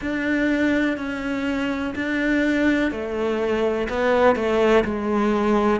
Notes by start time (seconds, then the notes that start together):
0.01 D4
0.97 C#4
1.95 D4
2.91 A3
3.89 B3
4.35 A3
4.84 G#3